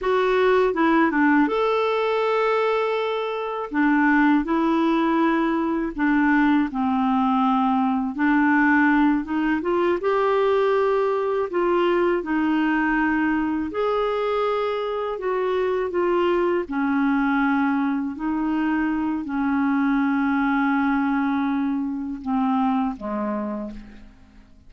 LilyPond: \new Staff \with { instrumentName = "clarinet" } { \time 4/4 \tempo 4 = 81 fis'4 e'8 d'8 a'2~ | a'4 d'4 e'2 | d'4 c'2 d'4~ | d'8 dis'8 f'8 g'2 f'8~ |
f'8 dis'2 gis'4.~ | gis'8 fis'4 f'4 cis'4.~ | cis'8 dis'4. cis'2~ | cis'2 c'4 gis4 | }